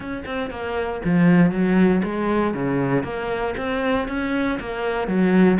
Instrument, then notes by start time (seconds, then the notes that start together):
cello
0.00 C#4
0.25 C4
0.50 A#3
1.04 F3
1.51 F#3
2.03 G#3
2.54 C#3
3.03 A#3
3.57 C4
4.08 C#4
4.60 A#3
5.07 F#3